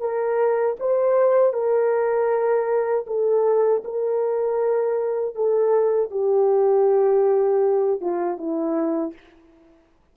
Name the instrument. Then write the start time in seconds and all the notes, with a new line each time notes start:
horn
0.00 A#4
0.79 C5
1.53 A#4
3.07 A4
3.84 A#4
5.35 A4
6.11 G4
8.01 F4
8.38 E4